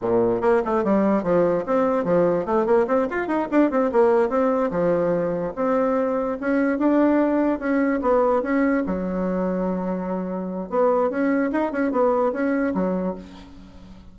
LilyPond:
\new Staff \with { instrumentName = "bassoon" } { \time 4/4 \tempo 4 = 146 ais,4 ais8 a8 g4 f4 | c'4 f4 a8 ais8 c'8 f'8 | dis'8 d'8 c'8 ais4 c'4 f8~ | f4. c'2 cis'8~ |
cis'8 d'2 cis'4 b8~ | b8 cis'4 fis2~ fis8~ | fis2 b4 cis'4 | dis'8 cis'8 b4 cis'4 fis4 | }